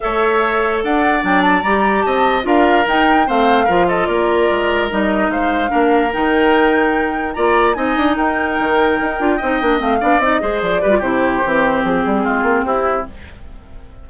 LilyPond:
<<
  \new Staff \with { instrumentName = "flute" } { \time 4/4 \tempo 4 = 147 e''2 fis''4 g''8 a''8 | ais''4 a''4 f''4 g''4 | f''4. dis''8 d''2 | dis''4 f''2 g''4~ |
g''2 ais''4 gis''4 | g''1 | f''4 dis''4 d''4 c''4~ | c''4 gis'2 g'4 | }
  \new Staff \with { instrumentName = "oboe" } { \time 4/4 cis''2 d''2~ | d''4 dis''4 ais'2 | c''4 ais'8 a'8 ais'2~ | ais'4 c''4 ais'2~ |
ais'2 d''4 dis''4 | ais'2. dis''4~ | dis''8 d''4 c''4 b'8 g'4~ | g'2 f'4 e'4 | }
  \new Staff \with { instrumentName = "clarinet" } { \time 4/4 a'2. d'4 | g'2 f'4 dis'4 | c'4 f'2. | dis'2 d'4 dis'4~ |
dis'2 f'4 dis'4~ | dis'2~ dis'8 f'8 dis'8 d'8 | c'8 d'8 dis'8 gis'4 g'16 f'16 e'4 | c'1 | }
  \new Staff \with { instrumentName = "bassoon" } { \time 4/4 a2 d'4 fis4 | g4 c'4 d'4 dis'4 | a4 f4 ais4 gis4 | g4 gis4 ais4 dis4~ |
dis2 ais4 c'8 d'8 | dis'4 dis4 dis'8 d'8 c'8 ais8 | a8 b8 c'8 gis8 f8 g8 c4 | e4 f8 g8 gis8 ais8 c'4 | }
>>